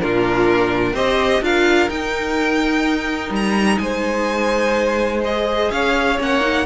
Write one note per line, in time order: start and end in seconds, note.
0.00 0.93 A#2
0.00 0.95 D4
0.00 0.94 F4
0.00 0.96 A#4
0.93 1.41 C4
0.93 1.43 G4
0.93 1.42 C5
0.93 1.44 D#5
1.41 1.89 D4
1.41 1.90 F4
1.41 3.82 A#4
1.41 1.90 F5
1.90 5.23 D#4
1.90 3.31 D#4
1.90 3.33 G5
3.31 3.78 G3
3.31 3.79 A#5
3.79 5.70 G#3
3.79 5.72 C5
3.79 5.21 G#5
5.25 6.19 G#4
5.25 5.72 D#5
5.72 6.19 C#4
5.72 6.67 C#5
5.72 6.19 F5
6.19 6.67 A#3
6.19 6.41 C#4
6.19 6.67 F#5
6.41 6.65 D#4